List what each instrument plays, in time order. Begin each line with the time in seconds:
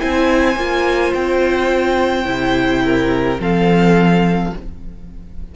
0.00 cello C4, viola E4, violin C5 G#5
0.56 cello A#3, viola F4
1.14 cello C4, violin G5
2.25 cello C3, viola E4
2.85 violin A#4
3.40 cello F3, viola C4, violin A4 F5